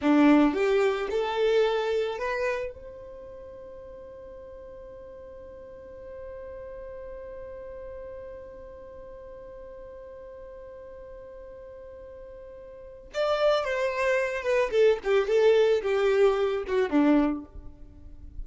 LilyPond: \new Staff \with { instrumentName = "violin" } { \time 4/4 \tempo 4 = 110 d'4 g'4 a'2 | b'4 c''2.~ | c''1~ | c''1~ |
c''1~ | c''1 | d''4 c''4. b'8 a'8 g'8 | a'4 g'4. fis'8 d'4 | }